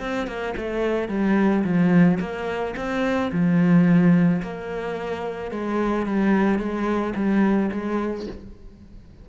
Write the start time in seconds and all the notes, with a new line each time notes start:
0.00 C4
0.27 A#3
0.57 A3
1.09 G3
1.64 F3
2.20 A#3
2.77 C4
3.32 F3
4.43 A#3
5.51 G#3
6.06 G3
6.59 G#3
7.16 G3
7.72 G#3